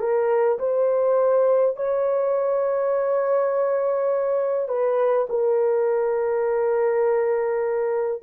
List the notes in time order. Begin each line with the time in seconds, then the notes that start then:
0.00 A#4
0.59 C5
1.77 C#5
4.69 B4
5.30 A#4